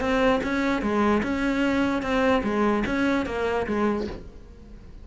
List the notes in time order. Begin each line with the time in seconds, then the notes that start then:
0.00 C4
0.43 C#4
0.81 G#3
1.23 C#4
2.02 C4
2.43 G#3
2.86 C#4
3.25 A#3
3.66 G#3